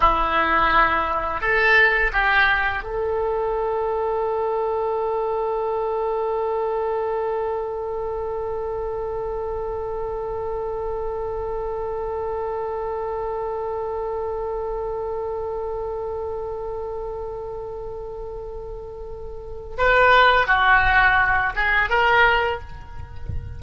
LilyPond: \new Staff \with { instrumentName = "oboe" } { \time 4/4 \tempo 4 = 85 e'2 a'4 g'4 | a'1~ | a'1~ | a'1~ |
a'1~ | a'1~ | a'1 | b'4 fis'4. gis'8 ais'4 | }